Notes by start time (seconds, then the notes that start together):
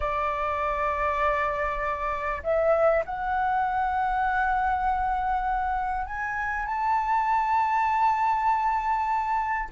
0.00 D5
2.43 E5
3.05 F#5
6.06 G#5
6.66 A5